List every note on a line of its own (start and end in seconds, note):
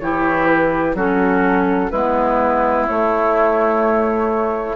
0.00 0.95 E3
0.00 0.96 E4
0.00 0.96 G4
0.00 0.47 C#5
0.47 0.95 B4
0.95 1.90 F#3
0.95 1.91 C#4
0.95 1.91 F#4
0.95 1.91 A4
1.91 2.88 G#3
1.91 2.89 B3
1.91 4.76 E4
1.91 2.86 B4
2.88 4.76 A3
2.88 4.76 C#5